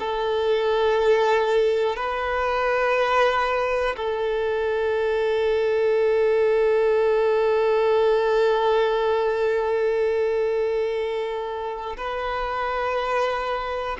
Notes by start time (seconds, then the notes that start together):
0.00 A4
1.96 B4
3.97 A4
11.97 B4